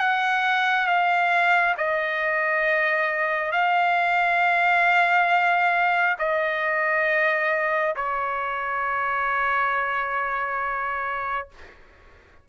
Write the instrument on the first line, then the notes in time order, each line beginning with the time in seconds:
trumpet
0.00 F#5
0.87 F5
1.78 D#5
3.52 F5
6.19 D#5
7.96 C#5